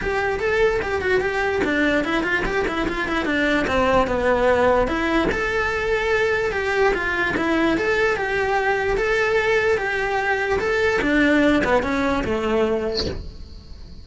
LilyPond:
\new Staff \with { instrumentName = "cello" } { \time 4/4 \tempo 4 = 147 g'4 a'4 g'8 fis'8 g'4 | d'4 e'8 f'8 g'8 e'8 f'8 e'8 | d'4 c'4 b2 | e'4 a'2. |
g'4 f'4 e'4 a'4 | g'2 a'2 | g'2 a'4 d'4~ | d'8 b8 cis'4 a2 | }